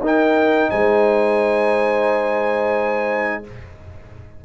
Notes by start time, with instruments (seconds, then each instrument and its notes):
0.00 tuba D#4, trombone D#4, horn A#4, trumpet G5
0.70 tuba G#3, horn C5, trumpet G#5